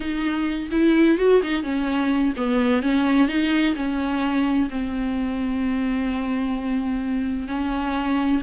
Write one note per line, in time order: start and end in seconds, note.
0.00 0.69 D#4
0.71 1.18 E4
1.18 1.41 F#4
1.42 1.63 D#4
1.63 2.33 C#4
2.37 2.82 B3
2.82 3.27 C#4
3.27 3.74 D#4
3.75 4.69 C#4
4.70 7.48 C4
7.48 8.41 C#4